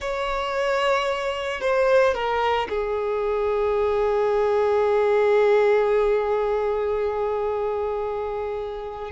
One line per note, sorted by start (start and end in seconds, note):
0.00 1.60 C#5
1.60 2.14 C5
2.14 2.68 A#4
2.69 9.11 G#4